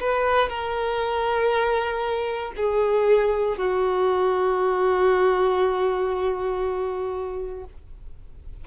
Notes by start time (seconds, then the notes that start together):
0.00 B4
0.49 A#4
2.57 G#4
3.58 F#4